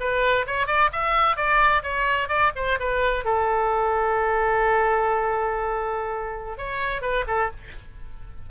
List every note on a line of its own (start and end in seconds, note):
0.00 0.46 B4
0.47 0.67 C#5
0.67 0.90 D5
0.93 1.37 E5
1.37 1.83 D5
1.83 2.29 C#5
2.29 2.52 D5
2.56 2.79 C5
2.80 3.25 B4
3.25 6.58 A4
6.58 7.02 C#5
7.02 7.25 B4
7.28 7.51 A4